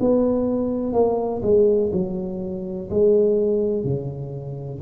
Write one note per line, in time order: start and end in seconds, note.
0.00 0.93 B3
0.93 1.42 A#3
1.43 1.91 G#3
1.93 2.89 F#3
2.90 3.84 G#3
3.84 4.81 C#3